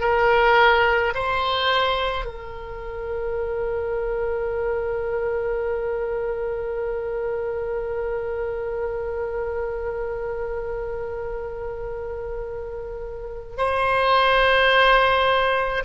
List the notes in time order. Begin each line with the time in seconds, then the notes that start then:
0.00 A#4
1.14 C5
2.25 A#4
13.57 C5